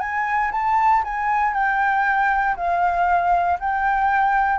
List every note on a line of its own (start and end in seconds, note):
0.00 0.51 G#5
0.52 1.03 A5
1.04 1.54 G#5
1.54 2.56 G5
2.56 3.59 F5
3.60 4.59 G5